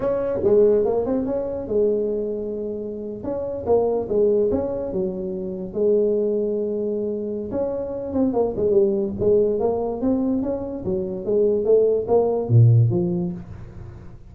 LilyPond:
\new Staff \with { instrumentName = "tuba" } { \time 4/4 \tempo 4 = 144 cis'4 gis4 ais8 c'8 cis'4 | gis2.~ gis8. cis'16~ | cis'8. ais4 gis4 cis'4 fis16~ | fis4.~ fis16 gis2~ gis16~ |
gis2 cis'4. c'8 | ais8 gis8 g4 gis4 ais4 | c'4 cis'4 fis4 gis4 | a4 ais4 ais,4 f4 | }